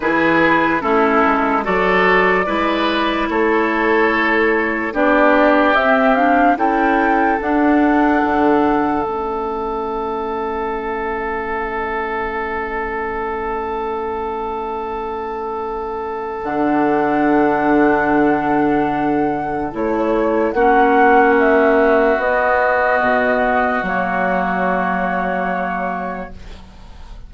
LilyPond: <<
  \new Staff \with { instrumentName = "flute" } { \time 4/4 \tempo 4 = 73 b'4 a'4 d''2 | cis''2 d''4 e''8 f''8 | g''4 fis''2 e''4~ | e''1~ |
e''1 | fis''1 | cis''4 fis''4 e''4 dis''4~ | dis''4 cis''2. | }
  \new Staff \with { instrumentName = "oboe" } { \time 4/4 gis'4 e'4 a'4 b'4 | a'2 g'2 | a'1~ | a'1~ |
a'1~ | a'1~ | a'4 fis'2.~ | fis'1 | }
  \new Staff \with { instrumentName = "clarinet" } { \time 4/4 e'4 cis'4 fis'4 e'4~ | e'2 d'4 c'8 d'8 | e'4 d'2 cis'4~ | cis'1~ |
cis'1 | d'1 | e'4 cis'2 b4~ | b4 ais2. | }
  \new Staff \with { instrumentName = "bassoon" } { \time 4/4 e4 a8 gis8 fis4 gis4 | a2 b4 c'4 | cis'4 d'4 d4 a4~ | a1~ |
a1 | d1 | a4 ais2 b4 | b,4 fis2. | }
>>